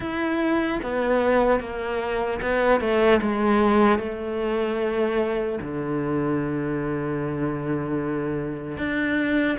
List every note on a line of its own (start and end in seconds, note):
0.00 0.80 E4
0.82 1.60 B3
1.60 2.40 A#3
2.41 2.80 B3
2.80 3.20 A3
3.21 3.99 G#3
3.99 5.59 A3
5.61 8.77 D3
8.77 9.57 D4